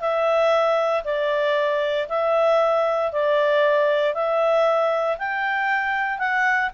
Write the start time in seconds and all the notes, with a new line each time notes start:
0.00 E5
1.04 D5
2.09 E5
3.12 D5
4.14 E5
5.18 G5
6.18 F#5